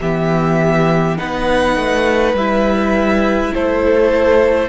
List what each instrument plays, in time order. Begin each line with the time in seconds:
0.00 cello E3, viola B3, violin G4 E5
1.17 cello B3, viola D#4, violin B4 F#5
1.75 cello A3
2.33 cello G3, viola E4, violin E5
3.53 cello A3, violin A4 C5